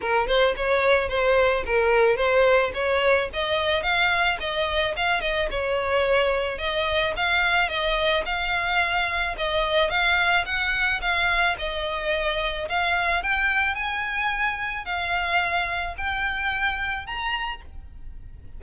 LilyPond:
\new Staff \with { instrumentName = "violin" } { \time 4/4 \tempo 4 = 109 ais'8 c''8 cis''4 c''4 ais'4 | c''4 cis''4 dis''4 f''4 | dis''4 f''8 dis''8 cis''2 | dis''4 f''4 dis''4 f''4~ |
f''4 dis''4 f''4 fis''4 | f''4 dis''2 f''4 | g''4 gis''2 f''4~ | f''4 g''2 ais''4 | }